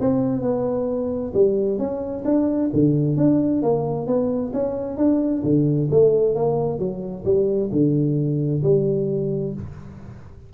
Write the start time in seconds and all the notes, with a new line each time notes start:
0.00 C4
0.41 B3
1.33 G3
1.78 C#4
2.24 D4
2.73 D3
3.17 D4
3.62 A#3
4.06 B3
4.53 C#4
4.97 D4
5.43 D3
5.90 A3
6.35 A#3
6.78 F#3
7.24 G3
7.71 D3
8.63 G3